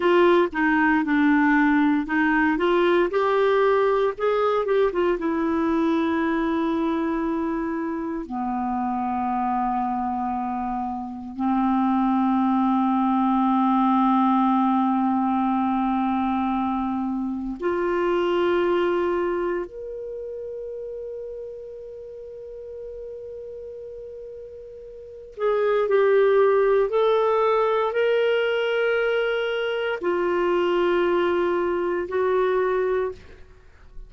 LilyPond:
\new Staff \with { instrumentName = "clarinet" } { \time 4/4 \tempo 4 = 58 f'8 dis'8 d'4 dis'8 f'8 g'4 | gis'8 g'16 f'16 e'2. | b2. c'4~ | c'1~ |
c'4 f'2 ais'4~ | ais'1~ | ais'8 gis'8 g'4 a'4 ais'4~ | ais'4 f'2 fis'4 | }